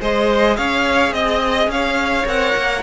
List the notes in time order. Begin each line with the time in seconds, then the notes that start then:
0.00 G#3 G#4 C5 D#5
0.57 C#4 C#5 F5
1.12 C4 D#5
1.67 C#4 C#5 F5
2.25 C4 A#4 F#5
2.55 A#3